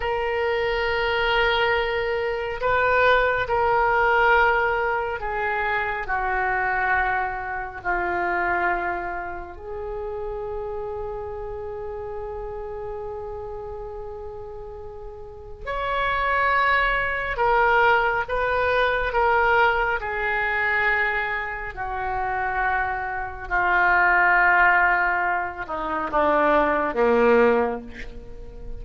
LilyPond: \new Staff \with { instrumentName = "oboe" } { \time 4/4 \tempo 4 = 69 ais'2. b'4 | ais'2 gis'4 fis'4~ | fis'4 f'2 gis'4~ | gis'1~ |
gis'2 cis''2 | ais'4 b'4 ais'4 gis'4~ | gis'4 fis'2 f'4~ | f'4. dis'8 d'4 ais4 | }